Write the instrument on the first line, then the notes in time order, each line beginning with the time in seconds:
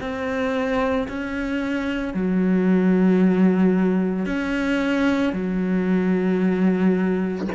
cello
0.00 C4
1.08 C#4
2.14 F#3
4.26 C#4
5.33 F#3